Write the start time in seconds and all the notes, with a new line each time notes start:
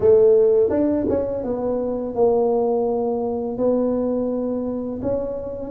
0.00 A3
0.70 D4
1.09 C#4
1.43 B3
2.14 A#3
3.57 B3
5.02 C#4